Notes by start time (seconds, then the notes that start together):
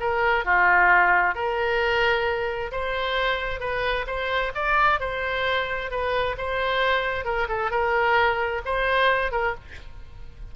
0.00 A#4
0.45 F4
1.35 A#4
2.72 C5
3.60 B4
4.07 C5
4.55 D5
5.00 C5
5.91 B4
6.38 C5
7.25 A#4
7.48 A4
7.71 A#4
8.65 C5
9.32 A#4